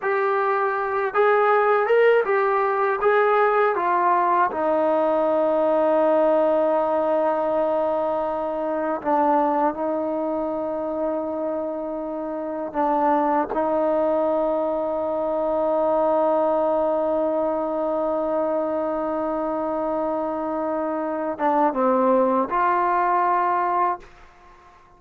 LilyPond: \new Staff \with { instrumentName = "trombone" } { \time 4/4 \tempo 4 = 80 g'4. gis'4 ais'8 g'4 | gis'4 f'4 dis'2~ | dis'1 | d'4 dis'2.~ |
dis'4 d'4 dis'2~ | dis'1~ | dis'1~ | dis'8 d'8 c'4 f'2 | }